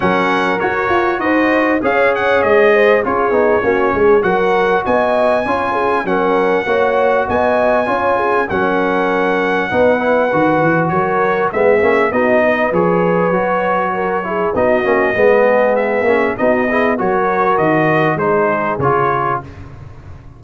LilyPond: <<
  \new Staff \with { instrumentName = "trumpet" } { \time 4/4 \tempo 4 = 99 fis''4 cis''4 dis''4 f''8 fis''8 | dis''4 cis''2 fis''4 | gis''2 fis''2 | gis''2 fis''2~ |
fis''2 cis''4 e''4 | dis''4 cis''2. | dis''2 e''4 dis''4 | cis''4 dis''4 c''4 cis''4 | }
  \new Staff \with { instrumentName = "horn" } { \time 4/4 ais'2 c''4 cis''4~ | cis''8 c''8 gis'4 fis'8 gis'8 ais'4 | dis''4 cis''8 gis'8 ais'4 cis''4 | dis''4 cis''8 gis'8 ais'2 |
b'2 ais'4 gis'4 | fis'8 b'2~ b'8 ais'8 gis'8 | fis'4 gis'2 fis'8 gis'8 | ais'2 gis'2 | }
  \new Staff \with { instrumentName = "trombone" } { \time 4/4 cis'4 fis'2 gis'4~ | gis'4 f'8 dis'8 cis'4 fis'4~ | fis'4 f'4 cis'4 fis'4~ | fis'4 f'4 cis'2 |
dis'8 e'8 fis'2 b8 cis'8 | dis'4 gis'4 fis'4. e'8 | dis'8 cis'8 b4. cis'8 dis'8 e'8 | fis'2 dis'4 f'4 | }
  \new Staff \with { instrumentName = "tuba" } { \time 4/4 fis4 fis'8 f'8 dis'4 cis'4 | gis4 cis'8 b8 ais8 gis8 fis4 | b4 cis'4 fis4 ais4 | b4 cis'4 fis2 |
b4 dis8 e8 fis4 gis8 ais8 | b4 f4 fis2 | b8 ais8 gis4. ais8 b4 | fis4 dis4 gis4 cis4 | }
>>